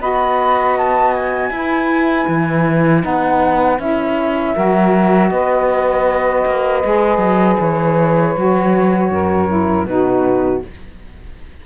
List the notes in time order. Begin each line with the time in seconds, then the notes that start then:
0.00 B3 F#4 D#5 B5
0.78 A5
1.13 G#5
1.50 E4 B4
2.28 E3
3.02 B3 D#4 F#5
3.79 C#4 E4 E5
4.54 F#3 F#4 A#4
5.30 B3 B4 D#5
6.46 A#3
6.84 G#3 G#4
7.18 F#3
7.60 E3 C#5
8.37 F#3 F#4
9.10 F#2 A#4
9.49 E4
9.85 B2 D#4 F#4 B4